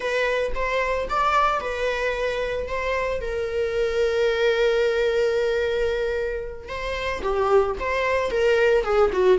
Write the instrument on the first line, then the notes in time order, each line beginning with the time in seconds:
viola
0.00 B4
0.55 C5
1.09 D5
1.60 B4
2.67 C5
3.21 A#4
6.68 C5
7.22 G4
7.79 C5
8.30 A#4
8.84 G#4
9.12 F#4